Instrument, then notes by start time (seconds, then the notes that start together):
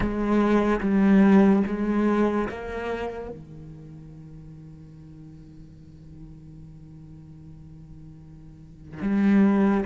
cello
0.00 G#3
0.80 G3
1.66 G#3
2.49 A#3
3.29 D#3
9.01 G3